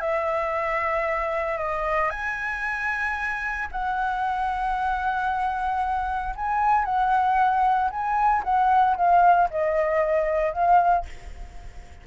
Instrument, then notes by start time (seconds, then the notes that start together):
flute
0.00 E5
1.58 D#5
2.10 G#5
3.71 F#5
6.35 G#5
6.85 F#5
7.90 G#5
8.43 F#5
8.96 F5
9.50 D#5
10.53 F5